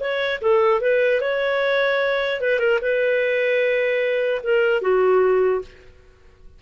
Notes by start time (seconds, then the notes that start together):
0.00 C#5
0.41 A4
0.81 B4
1.21 C#5
2.41 B4
2.59 A#4
2.82 B4
4.43 A#4
4.82 F#4